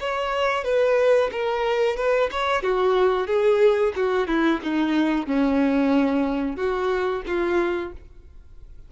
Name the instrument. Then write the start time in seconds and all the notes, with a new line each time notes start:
violin
0.00 C#5
0.64 B4
1.32 A#4
1.97 B4
2.31 C#5
2.63 F#4
3.27 G#4
3.96 F#4
4.28 E4
4.63 D#4
5.27 C#4
6.57 F#4
7.27 F4